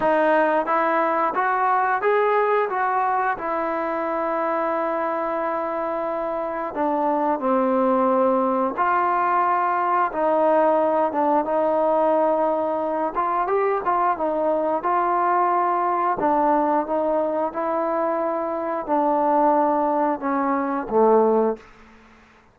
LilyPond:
\new Staff \with { instrumentName = "trombone" } { \time 4/4 \tempo 4 = 89 dis'4 e'4 fis'4 gis'4 | fis'4 e'2.~ | e'2 d'4 c'4~ | c'4 f'2 dis'4~ |
dis'8 d'8 dis'2~ dis'8 f'8 | g'8 f'8 dis'4 f'2 | d'4 dis'4 e'2 | d'2 cis'4 a4 | }